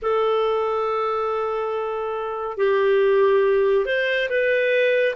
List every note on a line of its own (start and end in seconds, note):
0.02 2.57 A4
2.57 3.85 G4
3.85 4.28 C5
4.29 5.15 B4